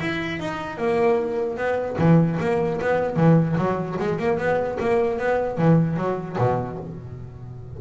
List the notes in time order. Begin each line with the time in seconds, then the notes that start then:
0.00 E4
0.39 D#4
0.78 A#3
1.57 B3
1.98 E3
2.40 A#3
2.81 B3
3.16 E3
3.57 F#3
3.99 G#3
4.19 A#3
4.38 B3
4.80 A#3
5.19 B3
5.57 E3
5.97 F#3
6.38 B2